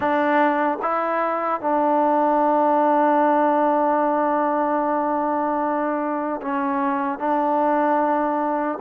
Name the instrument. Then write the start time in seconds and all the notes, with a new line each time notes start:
trombone
0.00 D4
0.81 E4
1.60 D4
6.41 C#4
7.19 D4